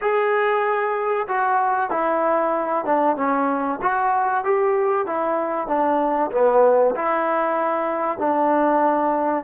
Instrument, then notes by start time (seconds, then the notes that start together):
trombone
0.01 G#4
1.27 F#4
1.90 E4
2.85 D4
3.16 C#4
3.82 F#4
4.44 G4
5.06 E4
5.67 D4
6.31 B3
6.95 E4
8.18 D4